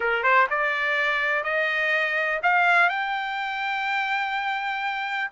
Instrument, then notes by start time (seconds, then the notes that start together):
trumpet
0.00 A#4
0.23 C5
0.50 D5
1.43 D#5
2.43 F5
2.89 G5